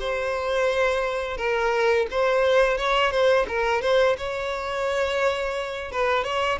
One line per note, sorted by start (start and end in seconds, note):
0.00 1.37 C5
1.37 2.07 A#4
2.11 2.77 C5
2.77 3.11 C#5
3.11 3.46 C5
3.48 3.82 A#4
3.82 4.16 C5
4.18 5.91 C#5
5.91 6.24 B4
6.24 6.59 C#5